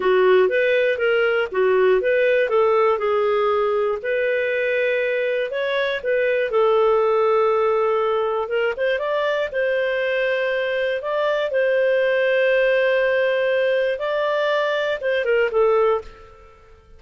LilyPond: \new Staff \with { instrumentName = "clarinet" } { \time 4/4 \tempo 4 = 120 fis'4 b'4 ais'4 fis'4 | b'4 a'4 gis'2 | b'2. cis''4 | b'4 a'2.~ |
a'4 ais'8 c''8 d''4 c''4~ | c''2 d''4 c''4~ | c''1 | d''2 c''8 ais'8 a'4 | }